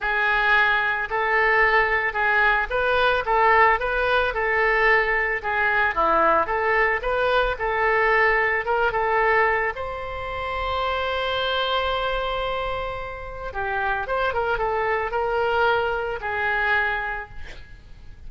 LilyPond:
\new Staff \with { instrumentName = "oboe" } { \time 4/4 \tempo 4 = 111 gis'2 a'2 | gis'4 b'4 a'4 b'4 | a'2 gis'4 e'4 | a'4 b'4 a'2 |
ais'8 a'4. c''2~ | c''1~ | c''4 g'4 c''8 ais'8 a'4 | ais'2 gis'2 | }